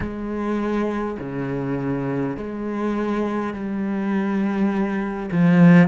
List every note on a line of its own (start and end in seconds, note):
0.00 1.18 G#3
1.19 2.36 C#3
2.36 3.53 G#3
3.53 5.29 G3
5.32 5.88 F3